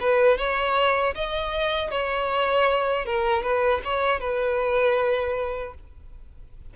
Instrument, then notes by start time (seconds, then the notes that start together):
violin
0.00 B4
0.37 C#5
1.15 D#5
1.91 C#5
3.05 A#4
3.43 B4
3.84 C#5
4.20 B4